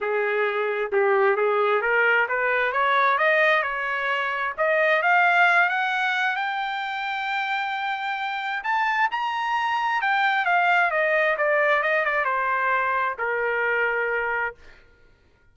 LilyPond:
\new Staff \with { instrumentName = "trumpet" } { \time 4/4 \tempo 4 = 132 gis'2 g'4 gis'4 | ais'4 b'4 cis''4 dis''4 | cis''2 dis''4 f''4~ | f''8 fis''4. g''2~ |
g''2. a''4 | ais''2 g''4 f''4 | dis''4 d''4 dis''8 d''8 c''4~ | c''4 ais'2. | }